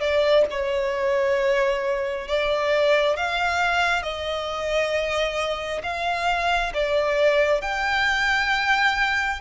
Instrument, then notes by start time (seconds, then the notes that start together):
violin
0.00 D5
0.50 C#5
2.28 D5
3.17 F5
4.03 D#5
5.83 F5
6.74 D5
7.62 G5